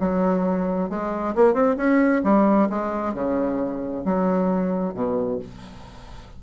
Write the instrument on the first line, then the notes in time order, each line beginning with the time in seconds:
bassoon
0.00 F#3
0.90 G#3
1.35 A#3
1.54 C4
1.77 C#4
2.24 G3
2.69 G#3
3.14 C#3
4.05 F#3
4.94 B2